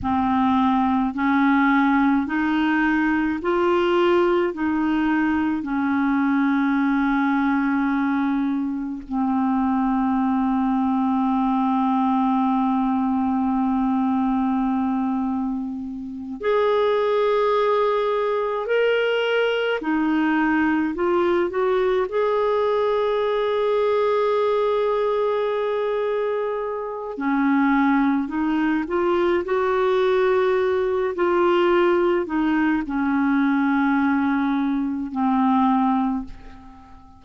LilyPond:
\new Staff \with { instrumentName = "clarinet" } { \time 4/4 \tempo 4 = 53 c'4 cis'4 dis'4 f'4 | dis'4 cis'2. | c'1~ | c'2~ c'8 gis'4.~ |
gis'8 ais'4 dis'4 f'8 fis'8 gis'8~ | gis'1 | cis'4 dis'8 f'8 fis'4. f'8~ | f'8 dis'8 cis'2 c'4 | }